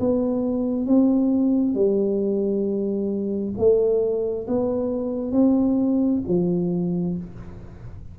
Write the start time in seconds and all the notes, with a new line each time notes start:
0.00 B3
0.86 C4
1.75 G3
3.58 A3
4.48 B3
5.32 C4
6.28 F3